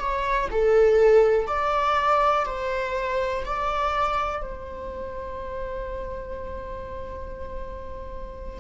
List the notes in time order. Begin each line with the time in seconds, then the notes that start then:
0.00 C#5
0.51 A4
1.48 D5
2.46 C5
3.45 D5
4.42 C5